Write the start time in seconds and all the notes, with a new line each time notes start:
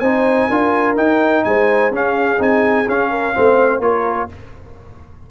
0.00 C4 D#4 C5 G#5
0.48 D4 F4 A#4
0.97 D#4 G5
1.44 G#3 C5 G#5
1.91 C#4 G#4 F5
2.38 C4 D#4 G#5
2.88 C#4 F5
3.11 A#4
3.34 A3 C4 C5
3.80 A#3 F4 A#4 C#5